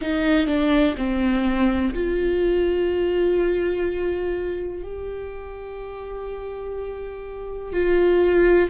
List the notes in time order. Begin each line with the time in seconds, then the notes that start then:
0.00 D#4
0.47 D4
0.96 C4
1.94 F4
4.83 G4
7.72 F4